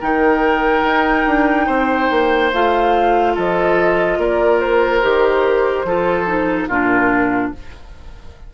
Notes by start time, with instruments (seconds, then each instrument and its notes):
0.00 bassoon D#3, clarinet D#4, oboe A#4, flute G5
0.83 bassoon D#4
1.26 bassoon D4
1.66 bassoon C4, oboe C5
2.10 bassoon A#3
2.52 bassoon A3, clarinet F4, flute F5
3.34 bassoon F3, oboe A4, flute D#5
4.18 bassoon A#3, oboe A#4, flute D5
4.60 flute C5
5.02 bassoon D#3, clarinet G4
5.84 bassoon F3, clarinet F4, oboe A4
6.26 clarinet D#4
6.68 bassoon A#2, clarinet D4, oboe F4, flute A#4